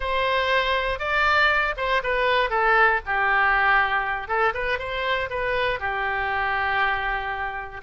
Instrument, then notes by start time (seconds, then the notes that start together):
oboe
0.00 C5
0.99 D5
1.76 C5
2.03 B4
2.50 A4
3.05 G4
4.27 A4
4.54 B4
4.79 C5
5.30 B4
5.79 G4